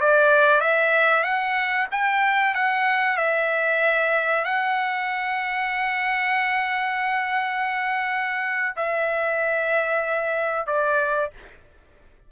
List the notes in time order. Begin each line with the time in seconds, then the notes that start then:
0.00 D5
0.60 E5
1.23 F#5
1.91 G5
2.54 F#5
3.17 E5
4.44 F#5
8.76 E5
10.67 D5